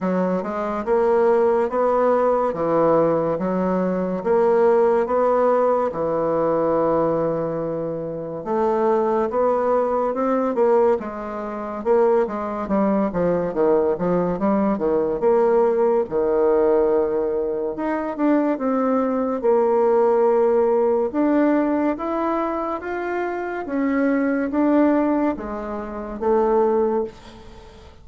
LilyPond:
\new Staff \with { instrumentName = "bassoon" } { \time 4/4 \tempo 4 = 71 fis8 gis8 ais4 b4 e4 | fis4 ais4 b4 e4~ | e2 a4 b4 | c'8 ais8 gis4 ais8 gis8 g8 f8 |
dis8 f8 g8 dis8 ais4 dis4~ | dis4 dis'8 d'8 c'4 ais4~ | ais4 d'4 e'4 f'4 | cis'4 d'4 gis4 a4 | }